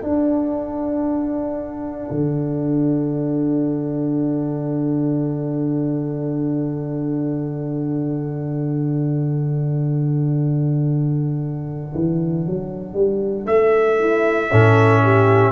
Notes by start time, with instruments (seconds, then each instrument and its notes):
0.00 trombone D4, tuba D4, horn A4, trumpet F#5
2.11 tuba D3
11.95 tuba E3
12.47 tuba F#3
12.94 tuba G3
13.46 tuba A3, trumpet E5
14.00 horn E4
14.51 tuba A2, trombone C#4, horn A4
15.04 horn G4